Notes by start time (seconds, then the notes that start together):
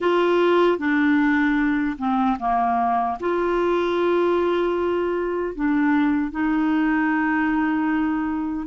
0.00 F4
0.78 D4
1.98 C4
2.39 A#3
3.20 F4
5.55 D4
6.31 D#4